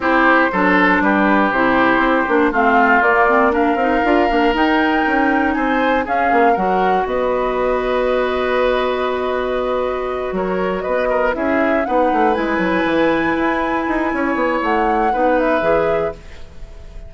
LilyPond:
<<
  \new Staff \with { instrumentName = "flute" } { \time 4/4 \tempo 4 = 119 c''2 b'4 c''4~ | c''4 f''4 d''4 f''4~ | f''4 g''2 gis''4 | f''4 fis''4 dis''2~ |
dis''1~ | dis''8 cis''4 dis''4 e''4 fis''8~ | fis''8 gis''2.~ gis''8~ | gis''4 fis''4. e''4. | }
  \new Staff \with { instrumentName = "oboe" } { \time 4/4 g'4 a'4 g'2~ | g'4 f'2 ais'4~ | ais'2. c''4 | gis'4 ais'4 b'2~ |
b'1~ | b'8 ais'4 b'8 ais'8 gis'4 b'8~ | b'1 | cis''2 b'2 | }
  \new Staff \with { instrumentName = "clarinet" } { \time 4/4 e'4 d'2 e'4~ | e'8 d'8 c'4 ais8 c'8 d'8 dis'8 | f'8 d'8 dis'2. | cis'4 fis'2.~ |
fis'1~ | fis'2~ fis'8 e'4 dis'8~ | dis'8 e'2.~ e'8~ | e'2 dis'4 gis'4 | }
  \new Staff \with { instrumentName = "bassoon" } { \time 4/4 c'4 fis4 g4 c4 | c'8 ais8 a4 ais4. c'8 | d'8 ais8 dis'4 cis'4 c'4 | cis'8 ais8 fis4 b2~ |
b1~ | b8 fis4 b4 cis'4 b8 | a8 gis8 fis8 e4 e'4 dis'8 | cis'8 b8 a4 b4 e4 | }
>>